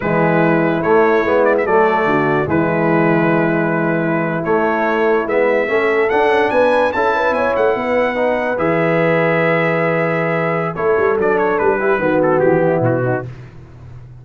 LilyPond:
<<
  \new Staff \with { instrumentName = "trumpet" } { \time 4/4 \tempo 4 = 145 b'2 cis''4. d''16 e''16 | d''2 b'2~ | b'2~ b'8. cis''4~ cis''16~ | cis''8. e''2 fis''4 gis''16~ |
gis''8. a''4 gis''8 fis''4.~ fis''16~ | fis''8. e''2.~ e''16~ | e''2 cis''4 d''8 cis''8 | b'4. a'8 g'4 fis'4 | }
  \new Staff \with { instrumentName = "horn" } { \time 4/4 e'1 | a'4 fis'4 e'2~ | e'1~ | e'4.~ e'16 a'2 b'16~ |
b'8. a'8 b'8 cis''4 b'4~ b'16~ | b'1~ | b'2 a'2~ | a'8 g'8 fis'4. e'4 dis'8 | }
  \new Staff \with { instrumentName = "trombone" } { \time 4/4 gis2 a4 b4 | a2 gis2~ | gis2~ gis8. a4~ a16~ | a8. b4 cis'4 d'4~ d'16~ |
d'8. e'2. dis'16~ | dis'8. gis'2.~ gis'16~ | gis'2 e'4 d'4~ | d'8 e'8 b2. | }
  \new Staff \with { instrumentName = "tuba" } { \time 4/4 e2 a4 gis4 | fis4 d4 e2~ | e2~ e8. a4~ a16~ | a8. gis4 a4 d'8 cis'8 b16~ |
b8. cis'4 b8 a8 b4~ b16~ | b8. e2.~ e16~ | e2 a8 g8 fis4 | g4 dis4 e4 b,4 | }
>>